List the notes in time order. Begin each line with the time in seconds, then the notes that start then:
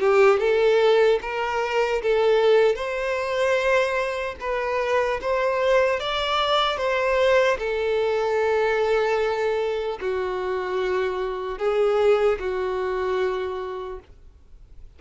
0.00 G4
0.40 A4
1.22 A#4
2.03 A4
2.76 C5
4.40 B4
5.22 C5
6.00 D5
6.78 C5
7.59 A4
10.01 F#4
11.59 G#4
12.40 F#4